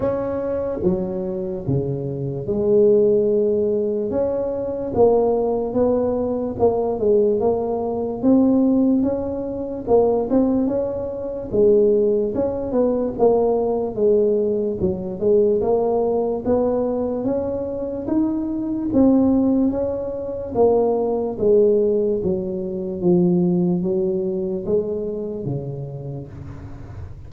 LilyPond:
\new Staff \with { instrumentName = "tuba" } { \time 4/4 \tempo 4 = 73 cis'4 fis4 cis4 gis4~ | gis4 cis'4 ais4 b4 | ais8 gis8 ais4 c'4 cis'4 | ais8 c'8 cis'4 gis4 cis'8 b8 |
ais4 gis4 fis8 gis8 ais4 | b4 cis'4 dis'4 c'4 | cis'4 ais4 gis4 fis4 | f4 fis4 gis4 cis4 | }